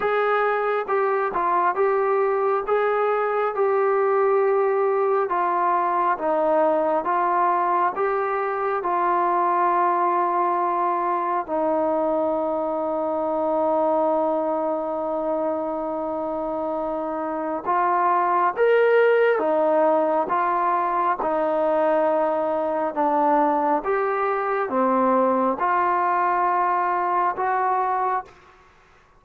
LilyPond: \new Staff \with { instrumentName = "trombone" } { \time 4/4 \tempo 4 = 68 gis'4 g'8 f'8 g'4 gis'4 | g'2 f'4 dis'4 | f'4 g'4 f'2~ | f'4 dis'2.~ |
dis'1 | f'4 ais'4 dis'4 f'4 | dis'2 d'4 g'4 | c'4 f'2 fis'4 | }